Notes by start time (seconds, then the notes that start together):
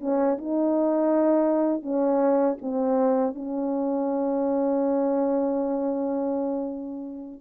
0.00 C#4
0.38 D#4
1.82 C#4
2.61 C4
3.34 C#4